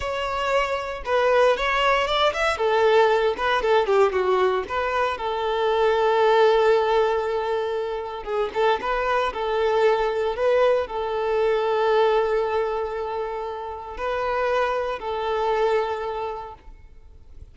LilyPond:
\new Staff \with { instrumentName = "violin" } { \time 4/4 \tempo 4 = 116 cis''2 b'4 cis''4 | d''8 e''8 a'4. b'8 a'8 g'8 | fis'4 b'4 a'2~ | a'1 |
gis'8 a'8 b'4 a'2 | b'4 a'2.~ | a'2. b'4~ | b'4 a'2. | }